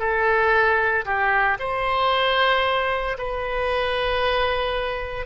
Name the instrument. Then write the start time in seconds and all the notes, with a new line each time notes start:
oboe
0.00 A4
1.05 G4
1.59 C5
3.18 B4